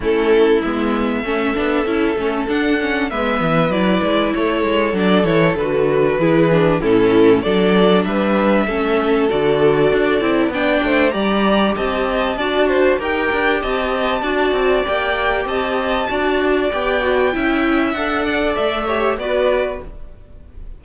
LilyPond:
<<
  \new Staff \with { instrumentName = "violin" } { \time 4/4 \tempo 4 = 97 a'4 e''2. | fis''4 e''4 d''4 cis''4 | d''8 cis''8 b'2 a'4 | d''4 e''2 d''4~ |
d''4 g''4 ais''4 a''4~ | a''4 g''4 a''2 | g''4 a''2 g''4~ | g''4 fis''4 e''4 d''4 | }
  \new Staff \with { instrumentName = "violin" } { \time 4/4 e'2 a'2~ | a'4 b'2 a'4~ | a'2 gis'4 e'4 | a'4 b'4 a'2~ |
a'4 d''8 c''8 d''4 dis''4 | d''8 c''8 ais'4 dis''4 d''4~ | d''4 dis''4 d''2 | e''4. d''4 cis''8 b'4 | }
  \new Staff \with { instrumentName = "viola" } { \time 4/4 cis'4 b4 cis'8 d'8 e'8 cis'8 | d'8 cis'8 b4 e'2 | d'8 e'8 fis'4 e'8 d'8 cis'4 | d'2 cis'4 fis'4~ |
fis'8 e'8 d'4 g'2 | fis'4 g'2 fis'4 | g'2 fis'4 g'8 fis'8 | e'4 a'4. g'8 fis'4 | }
  \new Staff \with { instrumentName = "cello" } { \time 4/4 a4 gis4 a8 b8 cis'8 a8 | d'4 gis8 e8 fis8 gis8 a8 gis8 | fis8 e8 d4 e4 a,4 | fis4 g4 a4 d4 |
d'8 c'8 b8 a8 g4 c'4 | d'4 dis'8 d'8 c'4 d'8 c'8 | ais4 c'4 d'4 b4 | cis'4 d'4 a4 b4 | }
>>